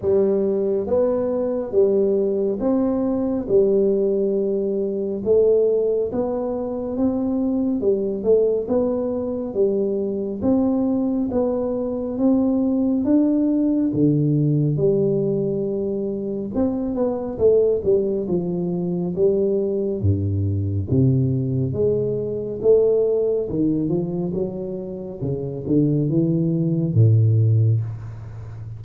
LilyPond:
\new Staff \with { instrumentName = "tuba" } { \time 4/4 \tempo 4 = 69 g4 b4 g4 c'4 | g2 a4 b4 | c'4 g8 a8 b4 g4 | c'4 b4 c'4 d'4 |
d4 g2 c'8 b8 | a8 g8 f4 g4 g,4 | c4 gis4 a4 dis8 f8 | fis4 cis8 d8 e4 a,4 | }